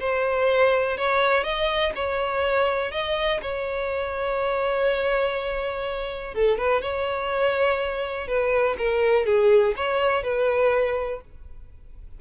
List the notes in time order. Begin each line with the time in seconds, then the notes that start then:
0.00 C5
0.98 C#5
1.44 D#5
1.96 C#5
2.92 D#5
3.42 C#5
6.35 A4
6.58 B4
6.82 C#5
8.28 B4
8.78 A#4
9.26 G#4
9.77 C#5
10.23 B4